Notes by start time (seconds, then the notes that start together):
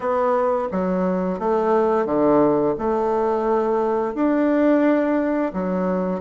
0.00 B3
0.71 F#3
1.39 A3
2.05 D3
2.78 A3
4.14 D4
5.53 F#3